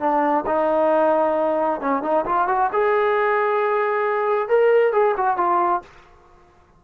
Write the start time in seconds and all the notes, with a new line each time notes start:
0.00 D4
0.46 D#4
1.81 C#4
2.03 D#4
2.25 F4
2.48 F#4
2.73 G#4
4.49 A#4
4.93 G#4
5.17 F#4
5.37 F4